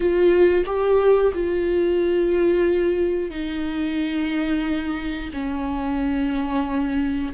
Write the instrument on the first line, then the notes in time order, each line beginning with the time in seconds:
viola
0.00 F4
0.65 G4
1.33 F4
3.30 D#4
5.33 C#4